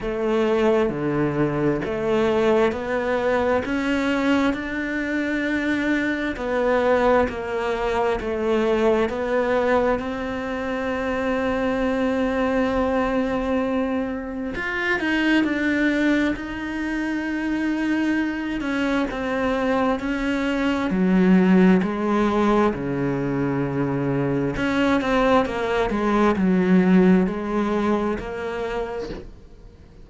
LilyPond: \new Staff \with { instrumentName = "cello" } { \time 4/4 \tempo 4 = 66 a4 d4 a4 b4 | cis'4 d'2 b4 | ais4 a4 b4 c'4~ | c'1 |
f'8 dis'8 d'4 dis'2~ | dis'8 cis'8 c'4 cis'4 fis4 | gis4 cis2 cis'8 c'8 | ais8 gis8 fis4 gis4 ais4 | }